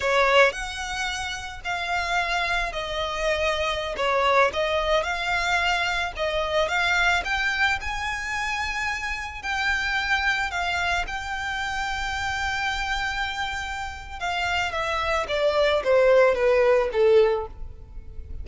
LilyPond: \new Staff \with { instrumentName = "violin" } { \time 4/4 \tempo 4 = 110 cis''4 fis''2 f''4~ | f''4 dis''2~ dis''16 cis''8.~ | cis''16 dis''4 f''2 dis''8.~ | dis''16 f''4 g''4 gis''4.~ gis''16~ |
gis''4~ gis''16 g''2 f''8.~ | f''16 g''2.~ g''8.~ | g''2 f''4 e''4 | d''4 c''4 b'4 a'4 | }